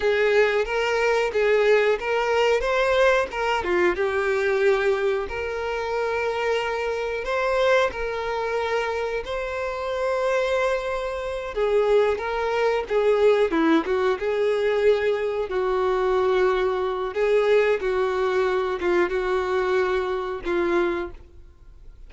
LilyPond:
\new Staff \with { instrumentName = "violin" } { \time 4/4 \tempo 4 = 91 gis'4 ais'4 gis'4 ais'4 | c''4 ais'8 f'8 g'2 | ais'2. c''4 | ais'2 c''2~ |
c''4. gis'4 ais'4 gis'8~ | gis'8 e'8 fis'8 gis'2 fis'8~ | fis'2 gis'4 fis'4~ | fis'8 f'8 fis'2 f'4 | }